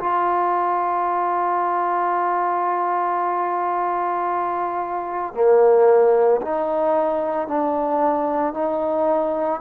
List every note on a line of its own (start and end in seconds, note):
0.00 5.34 F4
5.34 6.41 A#3
6.42 7.48 D#4
7.48 8.54 D4
8.54 9.61 D#4